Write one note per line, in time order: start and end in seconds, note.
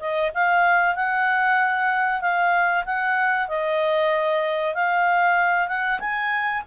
0.00 0.32 D#5
0.34 0.95 F5
0.95 2.21 F#5
2.21 2.84 F5
2.86 3.49 F#5
3.49 4.75 D#5
4.75 5.68 F5
5.68 5.99 F#5
6.00 6.63 G#5